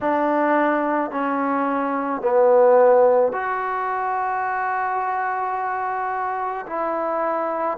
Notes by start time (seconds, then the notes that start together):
0.00 D4
1.11 C#4
2.21 B3
3.32 F#4
6.66 E4